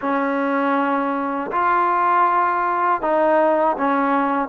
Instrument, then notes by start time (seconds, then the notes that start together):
trombone
0.01 C#4
1.51 F4
3.01 D#4
3.77 C#4